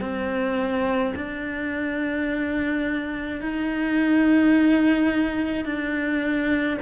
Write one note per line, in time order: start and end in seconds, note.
0.00 1.13 C4
1.15 3.41 D4
3.41 5.64 D#4
5.64 6.78 D4